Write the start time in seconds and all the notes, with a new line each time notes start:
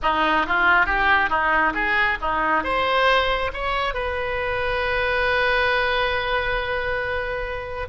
0.02 D#4
0.46 F4
0.86 G4
1.29 D#4
1.74 G#4
2.21 D#4
2.63 C5
3.53 C#5
3.94 B4